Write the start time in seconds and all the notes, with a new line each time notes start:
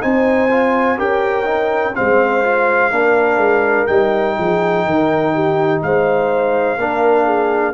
0.00 C4 D#4 C5 G#5
0.50 F4
0.97 C#4 G4 A#4 G5
1.45 D#4
1.95 G#3 C4 C5 F5
2.43 F4
2.91 A#3 D4 A#4
3.36 G#3
3.86 G3 D#4 G5
4.37 F3 G#4
4.84 D#3 A#4
5.34 G4
5.82 G#3 C5 F5
6.77 A#3 D4 A#4
7.25 G#4